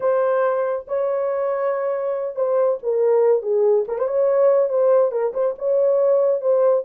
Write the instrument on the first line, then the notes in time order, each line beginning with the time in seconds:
horn
0.00 C5
0.87 C#5
2.35 C5
2.82 A#4
3.42 G#4
3.87 A#4
3.98 C5
4.07 C#5
4.69 C5
5.11 A#4
5.33 C5
5.58 C#5
6.41 C5